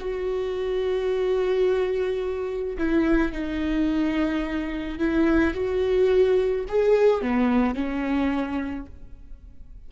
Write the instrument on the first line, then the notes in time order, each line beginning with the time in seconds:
viola
0.00 F#4
2.78 E4
3.33 D#4
4.99 E4
5.55 F#4
6.69 G#4
7.22 B3
7.75 C#4